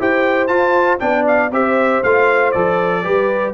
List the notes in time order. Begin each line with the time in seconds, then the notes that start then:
0.00 E4 G4 C5 G5
0.47 F4 A5
1.00 B3 D4 D5 G5
1.27 F5
1.51 C4 G4 C5 E5
2.04 A3 F4 F5
2.52 F3 A4 D5
3.03 G3 G4 B4